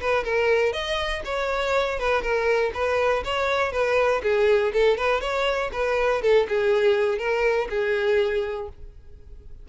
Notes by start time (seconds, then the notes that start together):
0.00 B4
0.23 A#4
0.73 D#5
1.24 C#5
1.99 B4
2.22 A#4
2.74 B4
3.24 C#5
3.72 B4
4.23 G#4
4.73 A4
4.97 B4
5.20 C#5
5.72 B4
6.22 A4
6.48 G#4
7.18 A#4
7.69 G#4